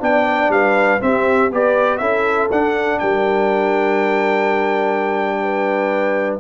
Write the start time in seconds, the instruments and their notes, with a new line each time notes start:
0.00 tuba B3, trombone D4, horn D5, trumpet G5
0.49 tuba G3, horn B4, trumpet F5
1.00 trombone C4, tuba C4, horn G4, trumpet E5
1.51 tuba B3, trombone G4, horn B4, trumpet D5
1.98 tuba C#4, trombone E4, horn A4, trumpet E5
2.52 tuba D4, trombone D4, trumpet F#5
2.99 tuba G3, horn A#4, trumpet G5
5.43 horn B4